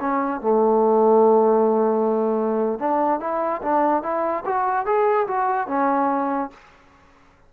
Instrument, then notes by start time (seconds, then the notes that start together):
trombone
0.00 C#4
0.41 A3
2.79 D4
3.20 E4
3.62 D4
4.02 E4
4.45 F#4
4.86 G#4
5.27 F#4
5.67 C#4